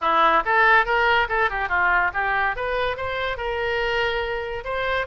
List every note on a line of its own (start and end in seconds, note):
0.01 0.43 E4
0.45 0.85 A4
0.85 1.27 A#4
1.28 1.50 A4
1.50 1.68 G4
1.68 2.11 F4
2.13 2.55 G4
2.55 2.97 B4
2.97 3.37 C5
3.37 4.64 A#4
4.64 5.06 C5